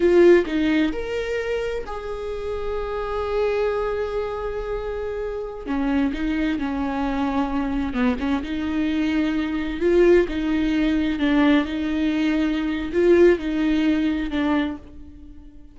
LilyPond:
\new Staff \with { instrumentName = "viola" } { \time 4/4 \tempo 4 = 130 f'4 dis'4 ais'2 | gis'1~ | gis'1~ | gis'16 cis'4 dis'4 cis'4.~ cis'16~ |
cis'4~ cis'16 b8 cis'8 dis'4.~ dis'16~ | dis'4~ dis'16 f'4 dis'4.~ dis'16~ | dis'16 d'4 dis'2~ dis'8. | f'4 dis'2 d'4 | }